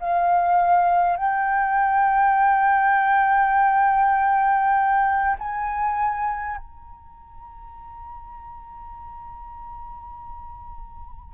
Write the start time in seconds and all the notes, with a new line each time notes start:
0.00 F5
1.17 G5
5.39 G#5
6.58 A#5